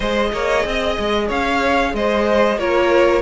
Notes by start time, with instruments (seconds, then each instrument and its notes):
0.00 cello G#3, viola G#4, violin C5 D#5
0.32 cello A#3, violin C#5
0.64 cello C4, violin D#5
0.98 cello G#3
1.28 cello C#4, violin C#5 F5
1.93 cello G#3, violin C5 D#5
2.58 cello A#3, viola F4, violin A#4 C#5